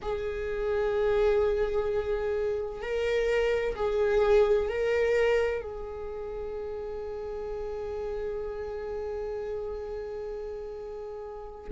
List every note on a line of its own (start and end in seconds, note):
0.02 2.81 G#4
2.81 3.75 A#4
3.75 4.69 G#4
4.69 5.61 A#4
5.61 11.71 G#4